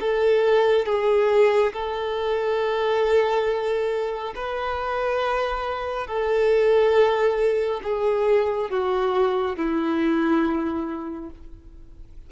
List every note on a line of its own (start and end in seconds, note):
0.00 0.85 A4
0.85 1.72 G#4
1.73 4.34 A4
4.35 6.06 B4
6.06 7.80 A4
7.83 8.70 G#4
8.70 9.56 F#4
9.56 11.30 E4